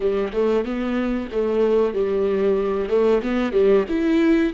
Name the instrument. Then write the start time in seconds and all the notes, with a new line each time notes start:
viola
0.00 G3
0.32 A3
0.65 B3
1.32 A3
1.94 G3
2.89 A3
3.22 B3
3.52 G3
3.89 E4